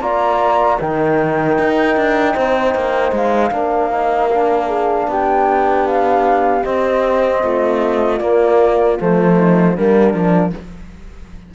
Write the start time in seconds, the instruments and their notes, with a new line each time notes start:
0.00 cello A#3, trombone F4, horn D5, flute A#5
0.79 cello D#3, trombone D#4, horn A#4, flute G5
1.58 cello D#4
1.96 cello D4
2.33 cello C4, horn C5
2.75 cello A#3
3.12 cello G#3, flute F5
3.51 cello A#3, trombone D4, horn A#4
3.91 trombone D#4
4.30 trombone D4
4.67 horn G#4
5.07 cello B3, horn G4, flute G5
5.86 flute F5
6.62 trombone C4, cello C4, flute D#5
7.43 cello A3, horn F4
8.19 trombone A#3, cello A#3, flute D5
8.97 cello F3, trombone A3, flute C5
9.36 horn D#4
9.74 cello G3, trombone A#3, horn D4, flute A#4
10.12 cello F3, trombone D4